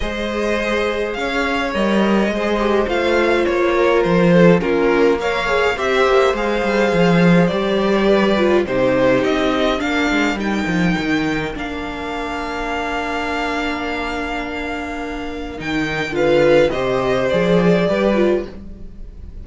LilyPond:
<<
  \new Staff \with { instrumentName = "violin" } { \time 4/4 \tempo 4 = 104 dis''2 f''4 dis''4~ | dis''4 f''4 cis''4 c''4 | ais'4 f''4 e''4 f''4~ | f''4 d''2 c''4 |
dis''4 f''4 g''2 | f''1~ | f''2. g''4 | f''4 dis''4 d''2 | }
  \new Staff \with { instrumentName = "violin" } { \time 4/4 c''2 cis''2 | c''2~ c''8 ais'4 a'8 | f'4 cis''4 c''2~ | c''2 b'4 g'4~ |
g'4 ais'2.~ | ais'1~ | ais'1 | b'4 c''2 b'4 | }
  \new Staff \with { instrumentName = "viola" } { \time 4/4 gis'2. ais'4 | gis'8 g'8 f'2. | cis'4 ais'8 gis'8 g'4 gis'4~ | gis'4 g'4. f'8 dis'4~ |
dis'4 d'4 dis'2 | d'1~ | d'2. dis'4 | f'4 g'4 gis'4 g'8 f'8 | }
  \new Staff \with { instrumentName = "cello" } { \time 4/4 gis2 cis'4 g4 | gis4 a4 ais4 f4 | ais2 c'8 ais8 gis8 g8 | f4 g2 c4 |
c'4 ais8 gis8 g8 f8 dis4 | ais1~ | ais2. dis4 | d4 c4 f4 g4 | }
>>